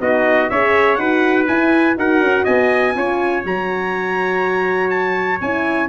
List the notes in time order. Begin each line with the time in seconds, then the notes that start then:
0.00 B3 D#4 F#4 D#5
0.49 C#4 G#4 C#5 E5
0.95 D#4 F#4 B4 F#5
1.47 E4 G#5
1.96 D#4 F#4 A#4 F#5
2.20 C#4
2.43 B3 D#5 G#5
2.94 C#4 F4 C#5
3.44 F#3 F#4 A#5
4.90 A5
5.41 C#4 E4 G#5